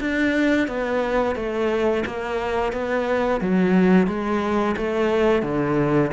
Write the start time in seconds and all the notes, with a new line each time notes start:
0.00 D4
0.67 B3
1.35 A3
2.05 A#3
2.72 B3
3.41 F#3
4.07 G#3
4.77 A3
5.42 D3